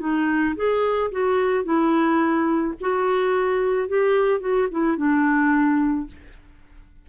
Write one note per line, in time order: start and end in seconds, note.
0.00 0.55 D#4
0.56 1.11 G#4
1.12 1.64 F#4
1.64 2.74 E4
2.81 3.88 F#4
3.88 4.40 G4
4.40 4.68 F#4
4.71 4.97 E4
4.97 6.07 D4